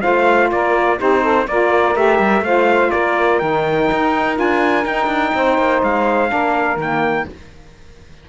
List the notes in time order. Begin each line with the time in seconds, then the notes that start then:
0.00 A3 F4 C5 F5
0.51 A#3 A#4 D5
0.97 C4 D#4 G4 C5
1.21 A4
1.47 A#3 F4 A#4 D5
1.94 A3 G4 E5
2.19 G3
2.40 A3 F4 C5 F5
2.90 A#3 A#4 D5
3.39 D#3 D#4 G5
3.91 D#4
4.34 D4 F4 G#5
4.85 D#4 G5
5.06 D4
5.34 C4 C5
5.58 A#3
5.82 G#3 F5
6.28 A#3 D4 A#4
6.76 D#3 A#3 G5